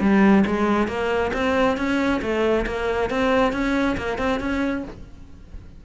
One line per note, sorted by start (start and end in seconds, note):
0.00 0.44 G3
0.46 0.87 G#3
0.87 1.31 A#3
1.33 1.77 C4
1.77 2.21 C#4
2.22 2.65 A3
2.66 3.10 A#3
3.10 3.52 C4
3.52 3.96 C#4
3.97 4.18 A#3
4.18 4.40 C4
4.40 4.84 C#4